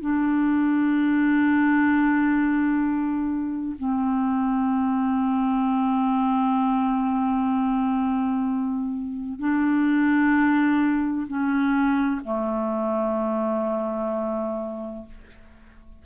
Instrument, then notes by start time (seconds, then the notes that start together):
clarinet
0.00 D4
3.78 C4
9.39 D4
11.27 C#4
12.24 A3